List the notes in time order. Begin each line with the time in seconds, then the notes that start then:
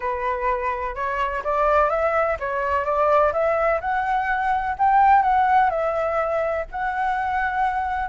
0.00 B4
0.95 C#5
1.44 D5
1.89 E5
2.39 C#5
2.84 D5
3.32 E5
3.80 F#5
4.78 G5
5.22 F#5
5.70 E5
6.71 F#5